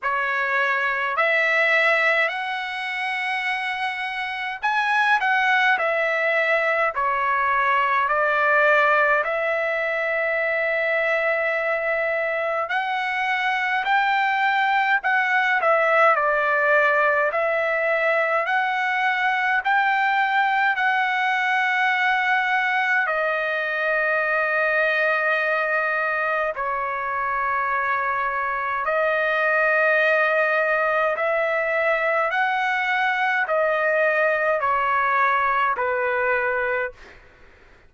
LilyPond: \new Staff \with { instrumentName = "trumpet" } { \time 4/4 \tempo 4 = 52 cis''4 e''4 fis''2 | gis''8 fis''8 e''4 cis''4 d''4 | e''2. fis''4 | g''4 fis''8 e''8 d''4 e''4 |
fis''4 g''4 fis''2 | dis''2. cis''4~ | cis''4 dis''2 e''4 | fis''4 dis''4 cis''4 b'4 | }